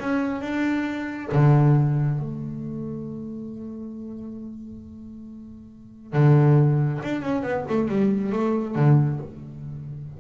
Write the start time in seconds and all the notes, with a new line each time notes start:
0.00 C#4
0.41 D4
1.32 D3
2.19 A3
6.13 D3
7.03 D4
7.22 C#4
7.43 B3
7.69 A3
7.89 G3
8.33 A3
8.76 D3